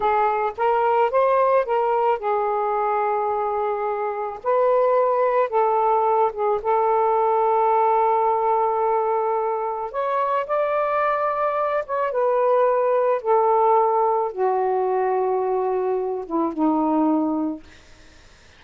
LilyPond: \new Staff \with { instrumentName = "saxophone" } { \time 4/4 \tempo 4 = 109 gis'4 ais'4 c''4 ais'4 | gis'1 | b'2 a'4. gis'8 | a'1~ |
a'2 cis''4 d''4~ | d''4. cis''8 b'2 | a'2 fis'2~ | fis'4. e'8 dis'2 | }